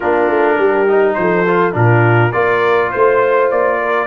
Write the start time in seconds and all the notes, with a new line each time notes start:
0.00 A#3 D4 F4 A#4
0.29 A3
0.57 G3 G4
0.87 D#4
1.14 F3 C5
1.20 A4
1.47 F4
1.72 A#2 D4 F4 A#4
2.32 A#3 F4 A#4 D5
2.91 A3 C5
3.50 A#3 D5
3.81 A#4